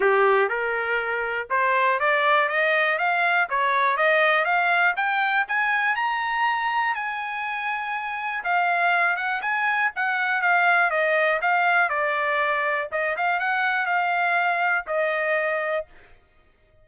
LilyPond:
\new Staff \with { instrumentName = "trumpet" } { \time 4/4 \tempo 4 = 121 g'4 ais'2 c''4 | d''4 dis''4 f''4 cis''4 | dis''4 f''4 g''4 gis''4 | ais''2 gis''2~ |
gis''4 f''4. fis''8 gis''4 | fis''4 f''4 dis''4 f''4 | d''2 dis''8 f''8 fis''4 | f''2 dis''2 | }